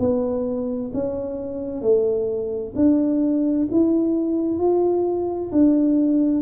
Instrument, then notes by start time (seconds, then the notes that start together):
tuba
0.00 B3
0.94 C#4
1.82 A3
2.76 D4
3.72 E4
4.59 F4
5.52 D4